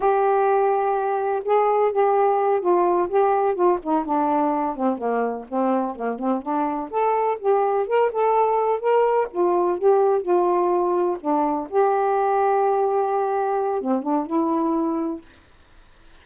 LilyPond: \new Staff \with { instrumentName = "saxophone" } { \time 4/4 \tempo 4 = 126 g'2. gis'4 | g'4. f'4 g'4 f'8 | dis'8 d'4. c'8 ais4 c'8~ | c'8 ais8 c'8 d'4 a'4 g'8~ |
g'8 ais'8 a'4. ais'4 f'8~ | f'8 g'4 f'2 d'8~ | d'8 g'2.~ g'8~ | g'4 c'8 d'8 e'2 | }